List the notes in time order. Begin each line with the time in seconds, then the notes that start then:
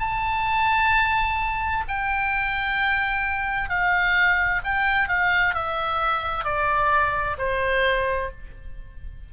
0.00 A5
1.88 G5
3.69 F5
4.64 G5
5.09 F5
5.55 E5
6.45 D5
7.38 C5